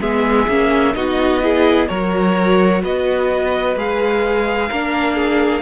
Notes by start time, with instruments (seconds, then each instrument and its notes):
0.00 cello G#3, viola B3, violin G#4 E5
0.47 cello A#3, viola C#4
0.95 cello B3, viola D#4, violin F#4 D#5
1.42 viola E4, violin G#4
1.88 cello F#3, viola F#4, violin A#4 C#5
2.83 cello B3, violin B4 D#5
3.76 cello G#3, viola G#4, violin F5
4.69 cello A#3, viola D4, violin A#4
5.15 violin G#4